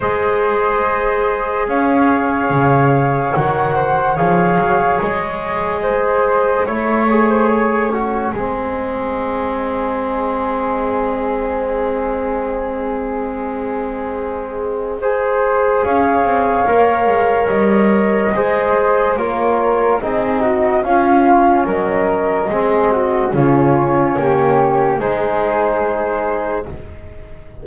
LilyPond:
<<
  \new Staff \with { instrumentName = "flute" } { \time 4/4 \tempo 4 = 72 dis''2 f''2 | fis''4 f''4 dis''2 | cis''2 dis''2~ | dis''1~ |
dis''2. f''4~ | f''4 dis''2 cis''4 | dis''4 f''4 dis''2 | cis''2 c''2 | }
  \new Staff \with { instrumentName = "flute" } { \time 4/4 c''2 cis''2~ | cis''8 c''8 cis''2 c''4 | cis''8. c''16 cis''8 cis'8 gis'2~ | gis'1~ |
gis'2 c''4 cis''4~ | cis''2 c''4 ais'4 | gis'8 fis'8 f'4 ais'4 gis'8 fis'8 | f'4 g'4 gis'2 | }
  \new Staff \with { instrumentName = "trombone" } { \time 4/4 gis'1 | fis'4 gis'2. | e'8 gis'4 fis'8 c'2~ | c'1~ |
c'2 gis'2 | ais'2 gis'4 f'4 | dis'4 cis'2 c'4 | cis'2 dis'2 | }
  \new Staff \with { instrumentName = "double bass" } { \time 4/4 gis2 cis'4 cis4 | dis4 f8 fis8 gis2 | a2 gis2~ | gis1~ |
gis2. cis'8 c'8 | ais8 gis8 g4 gis4 ais4 | c'4 cis'4 fis4 gis4 | cis4 ais4 gis2 | }
>>